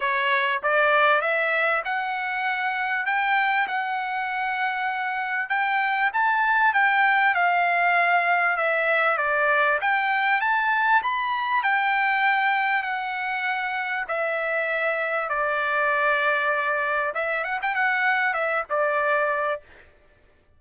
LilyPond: \new Staff \with { instrumentName = "trumpet" } { \time 4/4 \tempo 4 = 98 cis''4 d''4 e''4 fis''4~ | fis''4 g''4 fis''2~ | fis''4 g''4 a''4 g''4 | f''2 e''4 d''4 |
g''4 a''4 b''4 g''4~ | g''4 fis''2 e''4~ | e''4 d''2. | e''8 fis''16 g''16 fis''4 e''8 d''4. | }